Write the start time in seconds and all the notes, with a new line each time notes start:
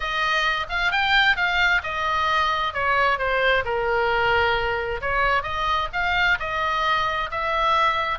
0.00 D#5
0.69 F5
0.91 G5
1.36 F5
1.83 D#5
2.73 C#5
3.18 C5
3.64 A#4
5.01 C#5
5.42 D#5
5.92 F5
6.39 D#5
7.30 E5